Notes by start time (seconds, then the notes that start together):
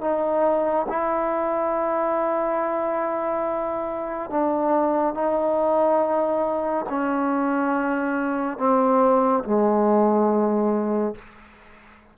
0.00 D#4
0.88 E4
4.30 D4
5.14 D#4
6.88 C#4
8.58 C4
9.43 G#3